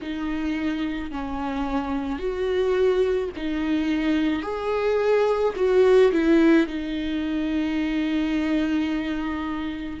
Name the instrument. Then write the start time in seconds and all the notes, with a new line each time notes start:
viola
0.01 D#4
1.11 C#4
2.18 F#4
3.36 D#4
4.42 G#4
5.56 F#4
6.12 E4
6.66 D#4